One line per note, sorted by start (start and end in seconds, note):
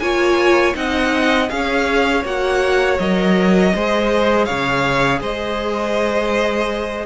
0.00 0.74 A#3
0.00 0.74 F4
0.00 0.76 C#5
0.00 0.74 G#5
0.74 1.50 C4
0.74 1.48 D#4
0.74 1.52 D#5
0.74 1.49 F#5
1.49 2.24 C#4
1.49 2.23 G#4
1.49 3.75 C#5
1.49 2.23 F5
2.24 2.98 A#3
2.24 2.99 F#4
2.24 2.99 F#5
2.99 3.73 F#3
2.99 3.74 A#4
2.99 4.46 D#5
3.75 4.49 G#3
3.75 7.06 G#4
3.75 4.45 C5
4.45 5.21 C#3
4.45 5.19 C#5
4.45 5.20 F5
5.21 7.06 G#3
5.21 7.06 C5
5.21 7.06 D#5